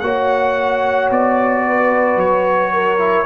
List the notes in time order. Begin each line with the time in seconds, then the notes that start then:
0.00 A#3 F#4 C#5 F#5
1.10 B3 D5
1.67 B4
2.16 F#3 C#5
2.73 A#4
2.98 E4